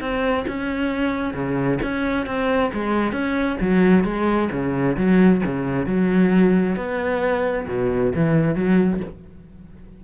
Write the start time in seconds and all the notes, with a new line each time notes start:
0.00 C4
0.47 C#4
1.33 C#3
1.82 C#4
2.26 C4
2.73 G#3
3.12 C#4
3.60 F#3
4.04 G#3
4.51 C#3
4.96 F#3
5.45 C#3
5.86 F#3
6.76 B3
7.68 B2
8.15 E3
8.55 F#3